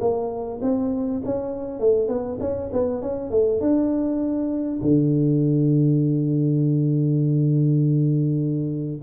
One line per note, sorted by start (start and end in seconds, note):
0.00 0.60 A#3
0.61 1.21 C4
1.25 1.79 C#4
1.79 2.08 A3
2.08 2.38 B3
2.40 2.70 C#4
2.72 3.01 B3
3.01 3.30 C#4
3.30 3.60 A3
3.60 4.80 D4
4.82 9.02 D3